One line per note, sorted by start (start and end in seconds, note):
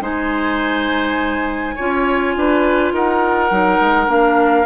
0.00 1.75 G#3
0.00 1.76 D#4
0.00 1.75 C5
0.00 2.94 G#5
1.75 2.36 C#4
1.75 3.50 F4
1.75 2.33 C#5
2.36 2.92 D4
2.36 2.93 B4
2.92 3.50 D#4
2.92 4.66 A#4
2.92 4.10 F#5
3.50 3.80 F#3
3.50 4.06 D#4
3.80 4.07 G#3
4.06 4.65 A#3
4.06 4.64 D4
4.06 4.66 F5